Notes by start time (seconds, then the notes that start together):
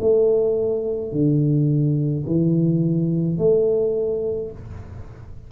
0.00 A3
1.12 D3
2.26 E3
3.38 A3